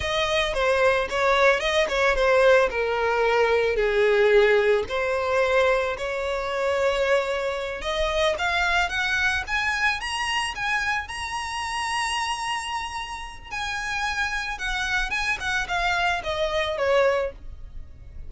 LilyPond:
\new Staff \with { instrumentName = "violin" } { \time 4/4 \tempo 4 = 111 dis''4 c''4 cis''4 dis''8 cis''8 | c''4 ais'2 gis'4~ | gis'4 c''2 cis''4~ | cis''2~ cis''8 dis''4 f''8~ |
f''8 fis''4 gis''4 ais''4 gis''8~ | gis''8 ais''2.~ ais''8~ | ais''4 gis''2 fis''4 | gis''8 fis''8 f''4 dis''4 cis''4 | }